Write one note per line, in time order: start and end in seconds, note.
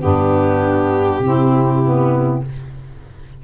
0.00 1.19 G2
0.00 1.21 B3
0.00 1.21 D4
0.00 2.40 G4
1.19 2.39 C3
1.19 1.83 C4
1.19 2.43 E4
1.84 2.44 B3